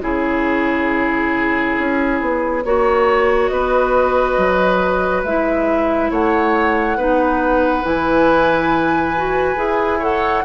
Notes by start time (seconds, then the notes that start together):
0.00 C#3 E4 G#4 C#5
1.78 C#4
2.21 B3
2.64 A#3 F#4 C#5
3.47 B3 B4 D#5
4.37 F#3
5.24 G#3 E4 E5
6.10 A3 C#5 F#5
6.97 B3 D#4 B4
7.83 E3 E4 G#5
9.16 F#4
9.55 E4 G#4
9.99 A4 C#5 F#5